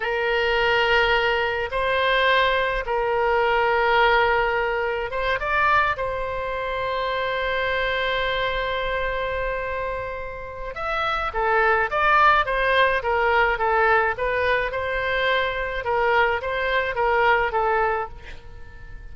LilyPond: \new Staff \with { instrumentName = "oboe" } { \time 4/4 \tempo 4 = 106 ais'2. c''4~ | c''4 ais'2.~ | ais'4 c''8 d''4 c''4.~ | c''1~ |
c''2. e''4 | a'4 d''4 c''4 ais'4 | a'4 b'4 c''2 | ais'4 c''4 ais'4 a'4 | }